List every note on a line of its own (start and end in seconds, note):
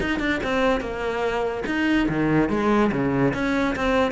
0.00 0.19 D#4
0.19 0.40 D4
0.43 0.80 C4
0.80 1.64 A#3
1.66 2.08 D#4
2.08 2.49 D#3
2.49 2.91 G#3
2.91 3.33 C#3
3.34 3.75 C#4
3.75 4.11 C4